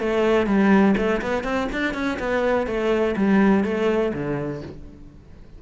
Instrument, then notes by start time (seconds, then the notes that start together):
cello
0.00 A3
0.47 G3
0.98 A3
1.22 B3
1.44 C4
1.73 D4
1.94 C#4
2.20 B3
2.67 A3
3.17 G3
3.64 A3
4.14 D3